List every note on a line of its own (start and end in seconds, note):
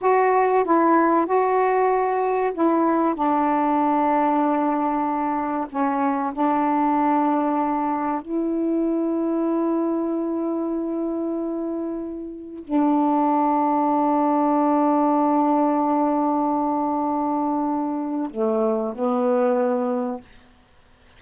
0.01 0.64 F#4
0.64 1.26 E4
1.26 2.52 F#4
2.53 3.14 E4
3.14 5.67 D4
5.69 6.32 C#4
6.33 8.21 D4
8.21 12.63 E4
12.64 18.30 D4
18.30 18.94 A3
18.94 20.20 B3